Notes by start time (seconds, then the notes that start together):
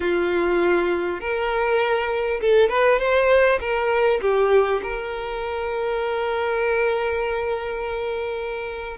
0.00 F4
1.20 A#4
2.41 A4
2.69 B4
2.99 C5
3.60 A#4
4.21 G4
4.82 A#4